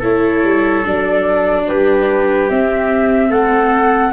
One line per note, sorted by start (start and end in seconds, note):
0.00 0.44 A3
0.00 0.85 E4
0.00 1.64 A4
0.00 0.86 C#5
0.44 0.85 G3
0.85 1.68 F#3
0.85 2.49 D4
0.85 1.68 D5
1.68 2.50 G3
1.68 3.30 G4
1.68 2.50 B4
2.50 3.30 C4
2.50 4.13 C4
2.50 3.32 E5
3.30 4.12 A3
3.30 4.12 A4
3.30 4.13 F#5